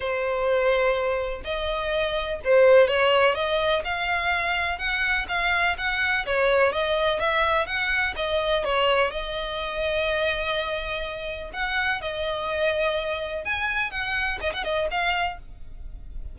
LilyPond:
\new Staff \with { instrumentName = "violin" } { \time 4/4 \tempo 4 = 125 c''2. dis''4~ | dis''4 c''4 cis''4 dis''4 | f''2 fis''4 f''4 | fis''4 cis''4 dis''4 e''4 |
fis''4 dis''4 cis''4 dis''4~ | dis''1 | fis''4 dis''2. | gis''4 fis''4 dis''16 fis''16 dis''8 f''4 | }